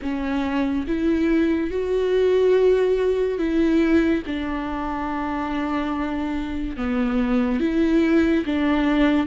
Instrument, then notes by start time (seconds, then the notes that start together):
viola
0.02 C#4
0.87 E4
1.70 F#4
3.38 E4
4.26 D4
6.76 B3
7.60 E4
8.45 D4